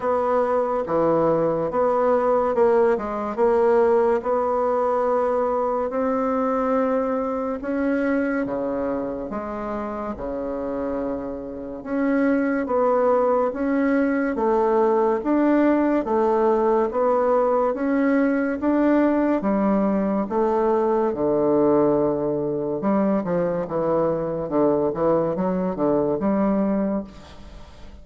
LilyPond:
\new Staff \with { instrumentName = "bassoon" } { \time 4/4 \tempo 4 = 71 b4 e4 b4 ais8 gis8 | ais4 b2 c'4~ | c'4 cis'4 cis4 gis4 | cis2 cis'4 b4 |
cis'4 a4 d'4 a4 | b4 cis'4 d'4 g4 | a4 d2 g8 f8 | e4 d8 e8 fis8 d8 g4 | }